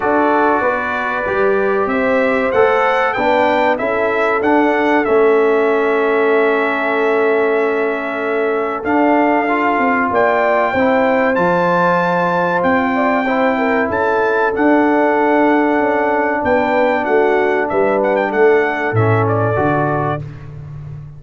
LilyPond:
<<
  \new Staff \with { instrumentName = "trumpet" } { \time 4/4 \tempo 4 = 95 d''2. e''4 | fis''4 g''4 e''4 fis''4 | e''1~ | e''2 f''2 |
g''2 a''2 | g''2 a''4 fis''4~ | fis''2 g''4 fis''4 | e''8 fis''16 g''16 fis''4 e''8 d''4. | }
  \new Staff \with { instrumentName = "horn" } { \time 4/4 a'4 b'2 c''4~ | c''4 b'4 a'2~ | a'1~ | a'1 |
d''4 c''2.~ | c''8 d''8 c''8 ais'8 a'2~ | a'2 b'4 fis'4 | b'4 a'2. | }
  \new Staff \with { instrumentName = "trombone" } { \time 4/4 fis'2 g'2 | a'4 d'4 e'4 d'4 | cis'1~ | cis'2 d'4 f'4~ |
f'4 e'4 f'2~ | f'4 e'2 d'4~ | d'1~ | d'2 cis'4 fis'4 | }
  \new Staff \with { instrumentName = "tuba" } { \time 4/4 d'4 b4 g4 c'4 | a4 b4 cis'4 d'4 | a1~ | a2 d'4. c'8 |
ais4 c'4 f2 | c'2 cis'4 d'4~ | d'4 cis'4 b4 a4 | g4 a4 a,4 d4 | }
>>